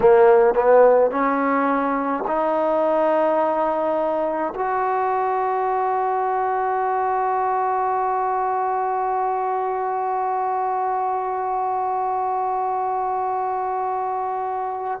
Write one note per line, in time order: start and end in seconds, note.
0.00 0.54 A#3
0.54 1.10 B3
1.10 2.24 C#4
2.26 4.53 D#4
4.54 15.00 F#4